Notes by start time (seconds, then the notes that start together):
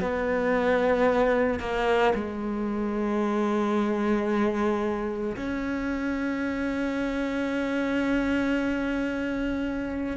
0.00 B3
1.59 A#3
2.14 G#3
5.36 C#4